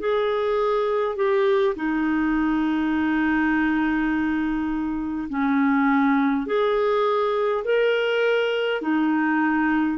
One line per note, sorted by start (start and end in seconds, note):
0.00 1.16 G#4
1.16 1.75 G4
1.76 5.29 D#4
5.29 6.47 C#4
6.47 7.64 G#4
7.65 8.82 A#4
8.82 9.98 D#4